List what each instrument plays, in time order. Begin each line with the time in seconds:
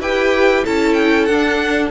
0.00 cello E4, viola G4, violin B4 G5
0.64 cello C#4, viola E4, violin A4 A5
0.94 violin G5
1.25 cello D4, viola D4, violin F#5